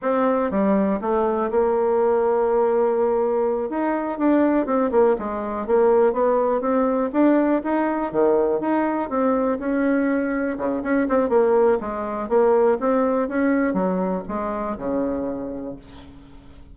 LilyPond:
\new Staff \with { instrumentName = "bassoon" } { \time 4/4 \tempo 4 = 122 c'4 g4 a4 ais4~ | ais2.~ ais8 dis'8~ | dis'8 d'4 c'8 ais8 gis4 ais8~ | ais8 b4 c'4 d'4 dis'8~ |
dis'8 dis4 dis'4 c'4 cis'8~ | cis'4. cis8 cis'8 c'8 ais4 | gis4 ais4 c'4 cis'4 | fis4 gis4 cis2 | }